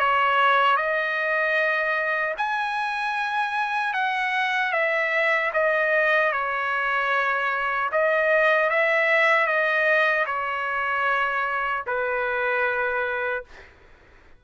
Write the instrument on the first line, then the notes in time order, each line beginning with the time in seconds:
trumpet
0.00 C#5
0.77 D#5
2.38 G#5
3.94 F#5
4.73 E5
5.54 D#5
6.33 C#5
7.92 D#5
8.70 E5
9.47 D#5
10.26 C#5
11.87 B4